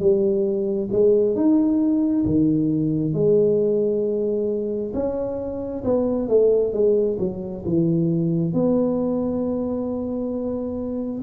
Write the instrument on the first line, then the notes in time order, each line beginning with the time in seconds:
tuba
0.00 G3
0.92 G#3
1.36 D#4
2.26 D#3
3.14 G#3
4.94 C#4
5.85 B3
6.29 A3
6.73 G#3
7.19 F#3
7.66 E3
8.54 B3